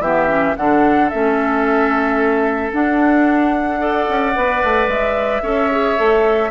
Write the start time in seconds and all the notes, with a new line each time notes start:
0.00 E3 B3 G4 E5
0.28 C#4
0.57 D3 D4 A4 F#5
1.09 A3 C#4 E5
2.73 D4 F#5
3.79 A4 D5
4.09 C#4
4.36 B3 B4
4.64 A3
4.87 G#3 E5
5.42 C#4 A4 C#5
5.72 G#4
5.97 A3 A4